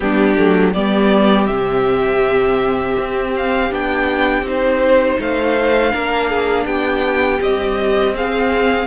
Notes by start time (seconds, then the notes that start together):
0.00 G3 B3 D4 G4
0.36 F#3 A3
0.73 G3 B3 G4 D5
1.46 C3 C4 E5
2.98 C4
3.36 F5
3.70 B3 D4 G5
4.42 C4 D#4 C5
5.19 A3 C5 F5
5.90 A#3 D4 A#4
6.29 G#4
6.65 B3 G4 G5
7.41 G3 C4 D#5
8.15 C4 G#4 F5